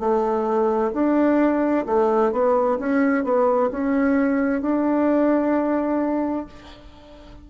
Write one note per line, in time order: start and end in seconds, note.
0.00 0.92 A3
0.94 1.86 D4
1.86 2.32 A3
2.32 2.79 B3
2.79 3.24 C#4
3.24 3.70 B3
3.71 4.62 C#4
4.62 6.47 D4